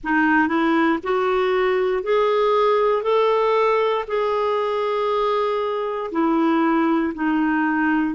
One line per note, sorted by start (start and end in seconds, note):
0.03 0.48 D#4
0.48 0.98 E4
1.03 2.03 F#4
2.03 3.02 G#4
3.02 4.04 A4
4.07 6.11 G#4
6.11 7.13 E4
7.14 8.14 D#4